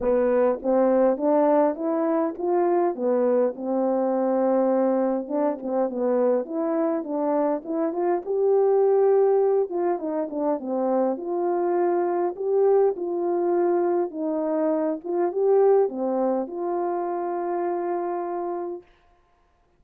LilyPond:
\new Staff \with { instrumentName = "horn" } { \time 4/4 \tempo 4 = 102 b4 c'4 d'4 e'4 | f'4 b4 c'2~ | c'4 d'8 c'8 b4 e'4 | d'4 e'8 f'8 g'2~ |
g'8 f'8 dis'8 d'8 c'4 f'4~ | f'4 g'4 f'2 | dis'4. f'8 g'4 c'4 | f'1 | }